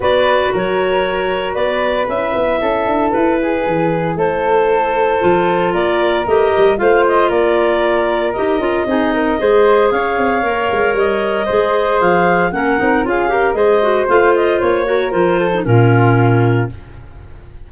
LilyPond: <<
  \new Staff \with { instrumentName = "clarinet" } { \time 4/4 \tempo 4 = 115 d''4 cis''2 d''4 | e''2 b'2 | c''2. d''4 | dis''4 f''8 dis''8 d''2 |
dis''2. f''4~ | f''4 dis''2 f''4 | fis''4 f''4 dis''4 f''8 dis''8 | cis''4 c''4 ais'2 | }
  \new Staff \with { instrumentName = "flute" } { \time 4/4 b'4 ais'2 b'4~ | b'4 a'4. gis'4. | a'2. ais'4~ | ais'4 c''4 ais'2~ |
ais'4 gis'8 ais'8 c''4 cis''4~ | cis''2 c''2 | ais'4 gis'8 ais'8 c''2~ | c''8 ais'4 a'8 f'2 | }
  \new Staff \with { instrumentName = "clarinet" } { \time 4/4 fis'1 | e'1~ | e'2 f'2 | g'4 f'2. |
g'8 f'8 dis'4 gis'2 | ais'2 gis'2 | cis'8 dis'8 f'8 g'8 gis'8 fis'8 f'4~ | f'8 fis'8 f'8. dis'16 cis'2 | }
  \new Staff \with { instrumentName = "tuba" } { \time 4/4 b4 fis2 b4 | cis'8 b8 cis'8 d'8 e'4 e4 | a2 f4 ais4 | a8 g8 a4 ais2 |
dis'8 cis'8 c'4 gis4 cis'8 c'8 | ais8 gis8 g4 gis4 f4 | ais8 c'8 cis'4 gis4 a4 | ais4 f4 ais,2 | }
>>